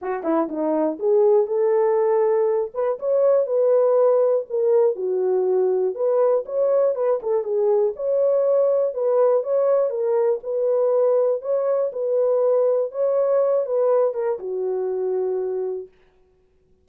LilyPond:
\new Staff \with { instrumentName = "horn" } { \time 4/4 \tempo 4 = 121 fis'8 e'8 dis'4 gis'4 a'4~ | a'4. b'8 cis''4 b'4~ | b'4 ais'4 fis'2 | b'4 cis''4 b'8 a'8 gis'4 |
cis''2 b'4 cis''4 | ais'4 b'2 cis''4 | b'2 cis''4. b'8~ | b'8 ais'8 fis'2. | }